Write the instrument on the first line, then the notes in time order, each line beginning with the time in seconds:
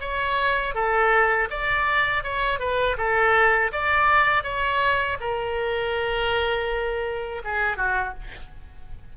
oboe
0.00 C#5
0.74 A4
1.50 D5
2.23 C#5
2.59 B4
2.97 A4
3.72 D5
4.43 C#5
5.20 A#4
7.44 G#4
7.76 F#4